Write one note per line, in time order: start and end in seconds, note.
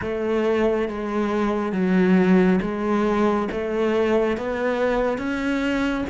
0.01 0.88 A3
0.88 1.72 G#3
1.72 2.59 F#3
2.61 3.48 G#3
3.51 4.37 A3
4.37 5.17 B3
5.17 6.04 C#4